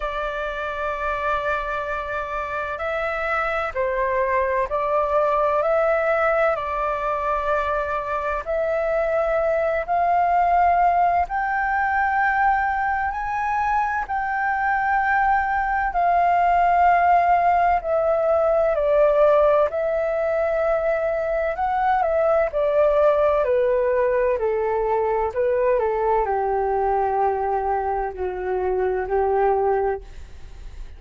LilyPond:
\new Staff \with { instrumentName = "flute" } { \time 4/4 \tempo 4 = 64 d''2. e''4 | c''4 d''4 e''4 d''4~ | d''4 e''4. f''4. | g''2 gis''4 g''4~ |
g''4 f''2 e''4 | d''4 e''2 fis''8 e''8 | d''4 b'4 a'4 b'8 a'8 | g'2 fis'4 g'4 | }